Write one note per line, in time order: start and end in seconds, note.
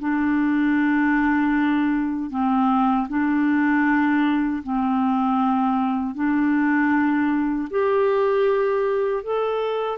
0.00 2.31 D4
2.31 3.08 C4
3.09 4.63 D4
4.63 6.15 C4
6.15 7.69 D4
7.71 9.24 G4
9.24 9.99 A4